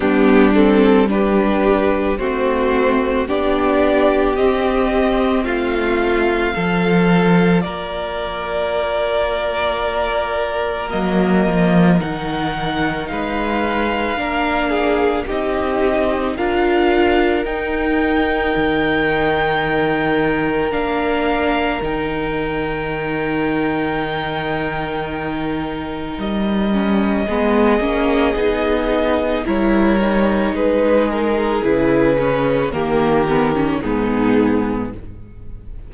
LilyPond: <<
  \new Staff \with { instrumentName = "violin" } { \time 4/4 \tempo 4 = 55 g'8 a'8 b'4 c''4 d''4 | dis''4 f''2 d''4~ | d''2 dis''4 fis''4 | f''2 dis''4 f''4 |
g''2. f''4 | g''1 | dis''2. cis''4 | b'8 ais'8 b'4 ais'4 gis'4 | }
  \new Staff \with { instrumentName = "violin" } { \time 4/4 d'4 g'4 fis'4 g'4~ | g'4 f'4 a'4 ais'4~ | ais'1 | b'4 ais'8 gis'8 g'4 ais'4~ |
ais'1~ | ais'1~ | ais'4 gis'2 ais'4 | gis'2 g'4 dis'4 | }
  \new Staff \with { instrumentName = "viola" } { \time 4/4 b8 c'8 d'4 c'4 d'4 | c'2 f'2~ | f'2 ais4 dis'4~ | dis'4 d'4 dis'4 f'4 |
dis'2. d'4 | dis'1~ | dis'8 cis'8 b8 cis'8 dis'4 e'8 dis'8~ | dis'4 e'8 cis'8 ais8 b16 cis'16 b4 | }
  \new Staff \with { instrumentName = "cello" } { \time 4/4 g2 a4 b4 | c'4 a4 f4 ais4~ | ais2 fis8 f8 dis4 | gis4 ais4 c'4 d'4 |
dis'4 dis2 ais4 | dis1 | g4 gis8 ais8 b4 g4 | gis4 cis4 dis4 gis,4 | }
>>